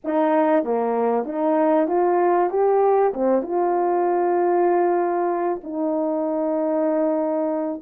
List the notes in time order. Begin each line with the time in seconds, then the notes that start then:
0.04 D#4
0.63 A#3
1.25 D#4
1.88 F4
2.50 G4
3.13 C4
3.42 F4
5.63 D#4